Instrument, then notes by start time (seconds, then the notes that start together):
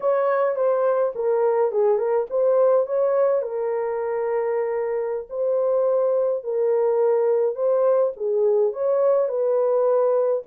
horn
0.00 C#5
0.55 C5
1.15 A#4
1.71 G#4
1.97 A#4
2.29 C5
2.86 C#5
3.42 A#4
5.29 C5
6.43 A#4
7.55 C5
8.16 G#4
8.72 C#5
9.28 B4